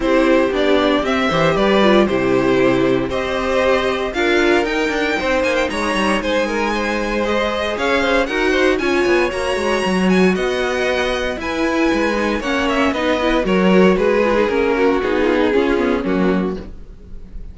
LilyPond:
<<
  \new Staff \with { instrumentName = "violin" } { \time 4/4 \tempo 4 = 116 c''4 d''4 e''4 d''4 | c''2 dis''2 | f''4 g''4. gis''16 g''16 ais''4 | gis''2 dis''4 f''4 |
fis''4 gis''4 ais''4. gis''8 | fis''2 gis''2 | fis''8 e''8 dis''4 cis''4 b'4 | ais'4 gis'2 fis'4 | }
  \new Staff \with { instrumentName = "violin" } { \time 4/4 g'2~ g'8 c''8 b'4 | g'2 c''2 | ais'2 c''4 cis''4 | c''8 ais'8 c''2 cis''8 c''8 |
ais'8 c''8 cis''2. | dis''2 b'2 | cis''4 b'4 ais'4 gis'4~ | gis'8 fis'4 f'16 dis'16 f'4 cis'4 | }
  \new Staff \with { instrumentName = "viola" } { \time 4/4 e'4 d'4 c'8 g'4 f'8 | e'2 g'2 | f'4 dis'2.~ | dis'2 gis'2 |
fis'4 f'4 fis'2~ | fis'2 e'4. dis'8 | cis'4 dis'8 e'8 fis'4. f'16 dis'16 | cis'4 dis'4 cis'8 b8 ais4 | }
  \new Staff \with { instrumentName = "cello" } { \time 4/4 c'4 b4 c'8 e8 g4 | c2 c'2 | d'4 dis'8 d'8 c'8 ais8 gis8 g8 | gis2. cis'4 |
dis'4 cis'8 b8 ais8 gis8 fis4 | b2 e'4 gis4 | ais4 b4 fis4 gis4 | ais4 b4 cis'4 fis4 | }
>>